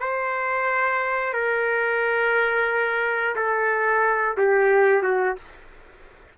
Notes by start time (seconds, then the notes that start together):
0.00 C5
1.33 A#4
3.35 A4
4.37 G4
5.02 F#4